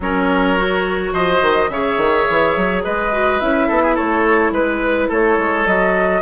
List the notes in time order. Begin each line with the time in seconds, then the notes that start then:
0.00 F#3 C#4 A#4 C#5
0.56 F#4
1.12 F3 C5 D#5
1.41 D#3
1.69 C#3 G#4 C#5 E5
1.97 D#3
2.29 E3
2.56 F#3
2.83 G#3 B4 D#5
3.12 F#4
3.39 C#4 E4 E5
3.67 B3 A4
3.82 G#4
3.94 A3 A4 C#5
4.51 G#3 B4
5.08 A3 A4 C#5
5.38 G#3
5.66 F#3 F#4 D#5